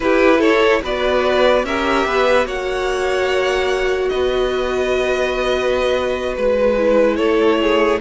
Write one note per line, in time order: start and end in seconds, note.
0.00 0.82 E4
0.00 0.83 E4
0.00 0.38 G4
0.00 0.41 B4
0.38 0.79 A4
0.38 0.82 C#5
0.83 1.64 B3
0.83 1.65 F#4
0.83 1.65 B4
0.83 1.65 D5
1.64 2.05 C#4
1.64 2.44 G4
1.64 2.06 A#4
1.64 2.47 E5
2.05 2.45 B3
2.05 2.46 B4
2.44 4.10 A#3
2.44 6.76 F#4
2.44 4.10 C#5
2.44 4.09 F#5
4.09 6.37 B3
4.09 7.16 B4
4.09 6.35 D#5
6.37 7.19 G#3
6.37 7.16 B4
6.77 8.00 E4
7.16 8.01 A3
7.16 7.58 A4
7.16 7.98 C#5
7.61 8.01 G#4